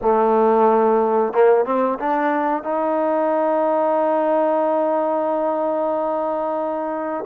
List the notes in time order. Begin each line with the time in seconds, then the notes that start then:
0.01 A3
1.33 A#3
1.65 C4
1.99 D4
2.63 D#4